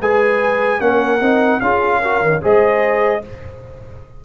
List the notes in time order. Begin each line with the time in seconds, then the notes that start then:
0.00 G#3 G#4 B4 G#5
0.80 A#3 C#4 A#4 F#5
1.21 C4 D#4
1.61 C#4 F4 G#4 F5
2.01 F#4 A#4
2.21 D#3
2.42 G#3 G#4 C5 D#5